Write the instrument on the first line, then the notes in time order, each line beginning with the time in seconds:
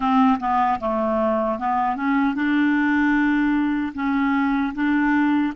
clarinet
0.00 C4
0.39 B3
0.80 A3
1.58 B3
1.96 C#4
2.35 D4
3.94 C#4
4.74 D4